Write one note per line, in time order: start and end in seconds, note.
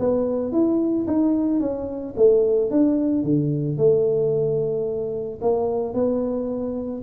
0.00 0.53 B3
0.53 1.07 E4
1.07 1.60 D#4
1.60 2.14 C#4
2.17 2.71 A3
2.71 3.24 D4
3.24 3.78 D3
3.78 5.40 A3
5.42 5.94 A#3
5.94 7.02 B3